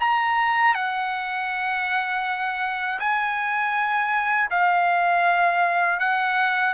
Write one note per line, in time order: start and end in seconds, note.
0.00 0.74 A#5
0.74 2.99 F#5
3.00 4.50 G#5
4.50 6.00 F5
6.00 6.74 F#5